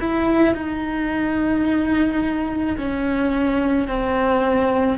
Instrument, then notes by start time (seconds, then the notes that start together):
cello
0.00 E4
0.54 D#4
2.77 C#4
3.87 C4